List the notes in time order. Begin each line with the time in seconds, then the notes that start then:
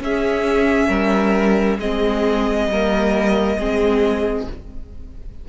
0.00 C#4 G#4 E5
0.89 G3 A#4
1.78 G#3 C4 G#4 D#5
2.68 G3 A#3 A#4
3.58 G#3 C4 G#4